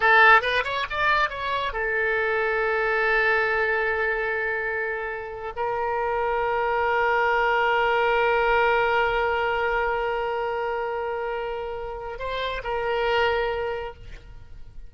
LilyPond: \new Staff \with { instrumentName = "oboe" } { \time 4/4 \tempo 4 = 138 a'4 b'8 cis''8 d''4 cis''4 | a'1~ | a'1~ | a'8. ais'2.~ ais'16~ |
ais'1~ | ais'1~ | ais'1 | c''4 ais'2. | }